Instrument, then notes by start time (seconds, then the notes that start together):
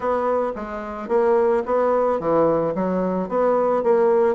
bassoon
0.00 B3
0.55 G#3
1.08 A#3
1.65 B3
2.19 E3
2.74 F#3
3.29 B3
3.83 A#3